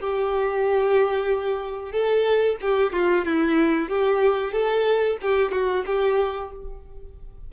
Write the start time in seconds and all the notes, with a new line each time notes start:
0.00 G4
1.91 A4
2.61 G4
2.93 F4
3.25 E4
3.89 G4
4.52 A4
5.21 G4
5.51 F#4
5.86 G4